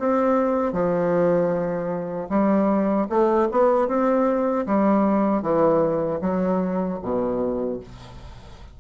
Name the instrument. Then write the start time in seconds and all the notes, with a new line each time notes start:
bassoon
0.00 C4
0.73 F3
2.30 G3
3.10 A3
3.52 B3
3.89 C4
4.67 G3
5.43 E3
6.22 F#3
7.03 B2